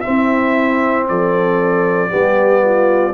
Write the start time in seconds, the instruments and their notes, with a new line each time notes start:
0.00 trombone C4, horn E4, trumpet E5
0.07 tuba C4
1.08 tuba F3, horn A4, trumpet D5
2.09 tuba G3, trombone B3, horn G4
2.64 horn F4